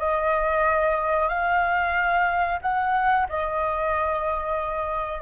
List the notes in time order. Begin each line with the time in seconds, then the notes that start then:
0.00 D#5
1.29 F5
2.62 F#5
3.29 D#5